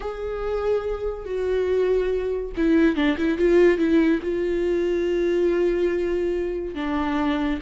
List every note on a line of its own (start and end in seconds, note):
0.00 1.25 G#4
1.25 2.52 F#4
2.56 2.95 E4
2.95 3.17 D4
3.17 3.37 E4
3.37 3.78 F4
3.78 4.20 E4
4.22 6.74 F4
6.74 7.59 D4